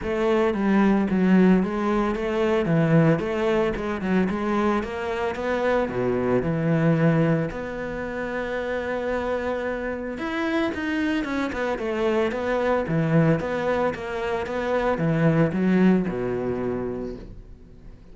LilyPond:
\new Staff \with { instrumentName = "cello" } { \time 4/4 \tempo 4 = 112 a4 g4 fis4 gis4 | a4 e4 a4 gis8 fis8 | gis4 ais4 b4 b,4 | e2 b2~ |
b2. e'4 | dis'4 cis'8 b8 a4 b4 | e4 b4 ais4 b4 | e4 fis4 b,2 | }